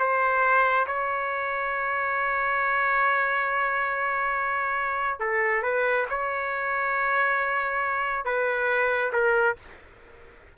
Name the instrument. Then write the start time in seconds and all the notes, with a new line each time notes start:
trumpet
0.00 C5
0.87 C#5
5.21 A4
5.63 B4
6.11 C#5
8.26 B4
9.13 A#4